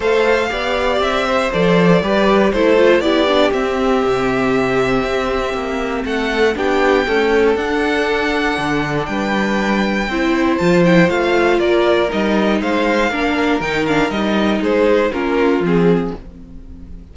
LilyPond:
<<
  \new Staff \with { instrumentName = "violin" } { \time 4/4 \tempo 4 = 119 f''2 e''4 d''4~ | d''4 c''4 d''4 e''4~ | e''1 | fis''4 g''2 fis''4~ |
fis''2 g''2~ | g''4 a''8 g''8 f''4 d''4 | dis''4 f''2 g''8 f''8 | dis''4 c''4 ais'4 gis'4 | }
  \new Staff \with { instrumentName = "violin" } { \time 4/4 c''4 d''4. c''4. | b'4 a'4 g'2~ | g'1 | a'4 g'4 a'2~ |
a'2 b'2 | c''2. ais'4~ | ais'4 c''4 ais'2~ | ais'4 gis'4 f'2 | }
  \new Staff \with { instrumentName = "viola" } { \time 4/4 a'4 g'2 a'4 | g'4 e'8 f'8 e'8 d'8 c'4~ | c'1~ | c'4 d'4 a4 d'4~ |
d'1 | e'4 f'8 e'8 f'2 | dis'2 d'4 dis'8 d'8 | dis'2 cis'4 c'4 | }
  \new Staff \with { instrumentName = "cello" } { \time 4/4 a4 b4 c'4 f4 | g4 a4 b4 c'4 | c2 c'4 ais4 | a4 b4 cis'4 d'4~ |
d'4 d4 g2 | c'4 f4 a4 ais4 | g4 gis4 ais4 dis4 | g4 gis4 ais4 f4 | }
>>